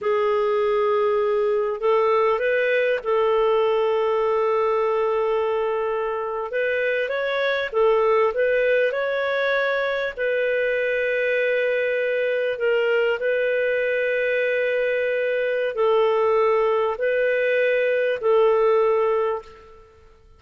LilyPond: \new Staff \with { instrumentName = "clarinet" } { \time 4/4 \tempo 4 = 99 gis'2. a'4 | b'4 a'2.~ | a'2~ a'8. b'4 cis''16~ | cis''8. a'4 b'4 cis''4~ cis''16~ |
cis''8. b'2.~ b'16~ | b'8. ais'4 b'2~ b'16~ | b'2 a'2 | b'2 a'2 | }